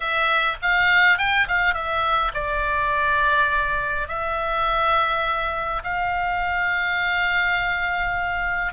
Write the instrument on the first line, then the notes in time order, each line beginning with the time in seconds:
oboe
0.00 E5
0.61 F5
1.18 G5
1.47 F5
1.73 E5
2.34 D5
4.08 E5
5.83 F5